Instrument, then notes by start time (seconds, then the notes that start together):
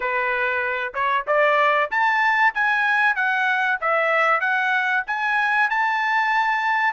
trumpet
0.00 B4
0.94 C#5
1.27 D5
1.90 A5
2.54 G#5
3.15 F#5
3.80 E5
4.40 F#5
5.07 G#5
5.70 A5